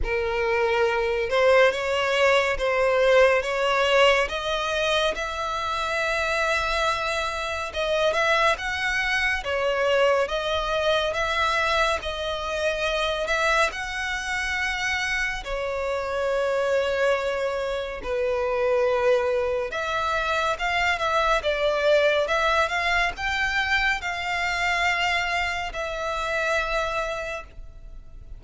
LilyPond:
\new Staff \with { instrumentName = "violin" } { \time 4/4 \tempo 4 = 70 ais'4. c''8 cis''4 c''4 | cis''4 dis''4 e''2~ | e''4 dis''8 e''8 fis''4 cis''4 | dis''4 e''4 dis''4. e''8 |
fis''2 cis''2~ | cis''4 b'2 e''4 | f''8 e''8 d''4 e''8 f''8 g''4 | f''2 e''2 | }